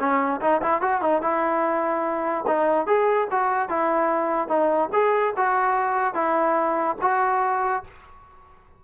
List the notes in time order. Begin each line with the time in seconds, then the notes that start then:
0.00 C#4
0.41 D#4
0.62 E4
0.82 F#4
1.02 D#4
1.22 E4
2.47 D#4
2.87 G#4
3.31 F#4
3.69 E4
4.49 D#4
4.93 G#4
5.37 F#4
6.15 E4
7.02 F#4